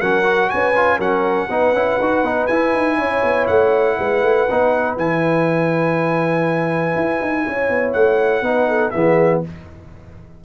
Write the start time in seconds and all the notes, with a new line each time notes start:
0.00 F#3 C#4 A#4 F#5
0.24 F#4
0.50 C#4 B4 G#5
0.76 F4
0.98 F#3 C#4 A#4 F#5
1.49 B3 D#4 B4
1.73 C#4 E4
2.00 D#4 F#4
2.23 B3 D#4
2.47 E4 G#5
2.74 D#4
2.98 C#4 C#5
3.23 B3
3.47 A3 F#5
3.99 G#3 B4
4.22 A3
4.50 B3 D#4
4.97 E3 E4 G#5
6.96 E4
7.21 D#4
7.46 C#4 C#5
7.69 B3
7.93 A3 F#5
8.42 B3 D#4
8.48 B4
8.68 A4
8.91 E3 B3 G#4 E5